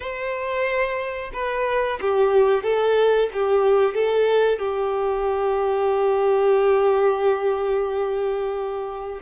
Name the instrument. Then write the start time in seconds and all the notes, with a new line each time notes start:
violin
0.00 C5
1.33 B4
2.01 G4
2.63 A4
3.33 G4
3.94 A4
4.59 G4